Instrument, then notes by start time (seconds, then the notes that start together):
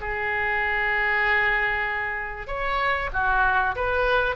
oboe
0.00 G#4
2.47 C#5
3.12 F#4
3.75 B4